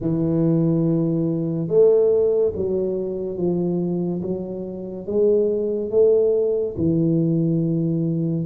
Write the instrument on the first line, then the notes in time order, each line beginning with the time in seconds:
tuba
0.00 E3
1.67 A3
2.55 F#3
3.37 F3
4.22 F#3
5.06 G#3
5.90 A3
6.77 E3